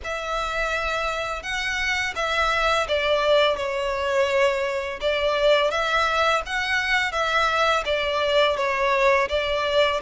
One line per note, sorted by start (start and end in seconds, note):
0.04 1.42 E5
1.42 2.14 F#5
2.15 2.87 E5
2.88 3.56 D5
3.56 4.99 C#5
5.01 5.70 D5
5.70 6.42 E5
6.46 7.12 F#5
7.12 7.83 E5
7.85 8.56 D5
8.56 9.28 C#5
9.29 10.00 D5